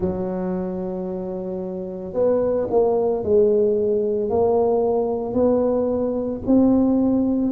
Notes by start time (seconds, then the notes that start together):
0.00 F#3
2.13 B3
2.70 A#3
3.23 G#3
4.29 A#3
5.33 B3
6.46 C4